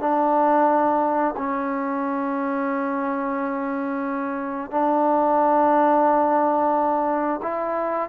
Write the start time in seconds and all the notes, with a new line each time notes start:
0.00 D4
1.37 C#4
4.71 D4
7.42 E4